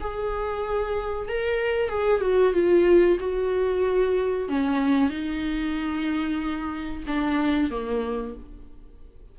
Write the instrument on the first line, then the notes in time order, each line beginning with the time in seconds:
viola
0.00 G#4
1.28 A#4
1.89 G#4
2.21 F#4
2.53 F4
3.20 F#4
4.48 C#4
5.10 D#4
7.07 D4
7.70 A#3